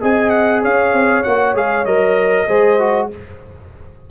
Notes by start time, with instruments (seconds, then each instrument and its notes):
0.00 tuba C4, trombone G#4, horn D#5, trumpet G#5
0.29 trumpet F#5
0.62 tuba C#4, horn C#5, trumpet F5
0.92 tuba C4
1.23 tuba A#3, trombone F#4, trumpet F#5
1.54 tuba G#3, trombone G#4, trumpet F5
1.85 tuba F#3, trombone A#4, trumpet D#5
2.48 tuba G#3, trombone G#4, horn C5
2.79 trombone F#4